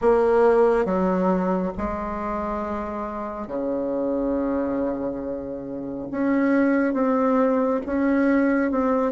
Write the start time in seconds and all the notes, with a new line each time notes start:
0.01 A#3
0.85 F#3
1.77 G#3
3.47 C#3
6.11 C#4
6.93 C4
7.85 C#4
8.71 C4